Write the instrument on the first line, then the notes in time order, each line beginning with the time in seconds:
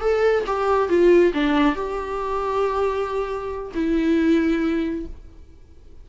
viola
0.00 A4
0.46 G4
0.88 F4
1.33 D4
1.75 G4
3.74 E4